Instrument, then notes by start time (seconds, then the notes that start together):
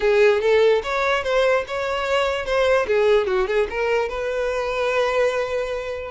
violin
0.00 G#4
0.41 A4
0.83 C#5
1.23 C5
1.67 C#5
2.45 C5
2.87 G#4
3.26 F#4
3.47 G#4
3.70 A#4
4.08 B4